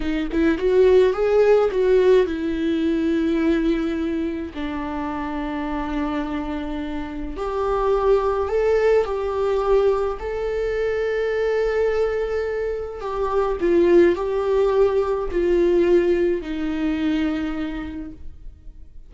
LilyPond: \new Staff \with { instrumentName = "viola" } { \time 4/4 \tempo 4 = 106 dis'8 e'8 fis'4 gis'4 fis'4 | e'1 | d'1~ | d'4 g'2 a'4 |
g'2 a'2~ | a'2. g'4 | f'4 g'2 f'4~ | f'4 dis'2. | }